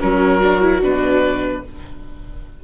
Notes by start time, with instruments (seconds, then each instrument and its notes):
0.00 bassoon F#3, viola C#4 F#4, oboe A#4
0.43 viola D4
0.61 viola E4
0.82 bassoon B2, viola D4, oboe B4